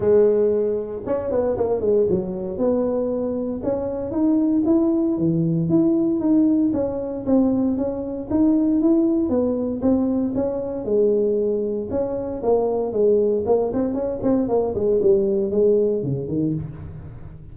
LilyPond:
\new Staff \with { instrumentName = "tuba" } { \time 4/4 \tempo 4 = 116 gis2 cis'8 b8 ais8 gis8 | fis4 b2 cis'4 | dis'4 e'4 e4 e'4 | dis'4 cis'4 c'4 cis'4 |
dis'4 e'4 b4 c'4 | cis'4 gis2 cis'4 | ais4 gis4 ais8 c'8 cis'8 c'8 | ais8 gis8 g4 gis4 cis8 dis8 | }